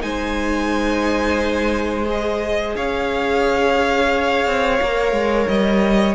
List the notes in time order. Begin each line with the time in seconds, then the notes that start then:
0.00 G#3 D#4 C5 G#5
2.06 G#4 D#5
2.76 C#4 C#5 F5
4.46 C4
4.80 A#3 A#4
5.12 G#3
5.48 G3 D#5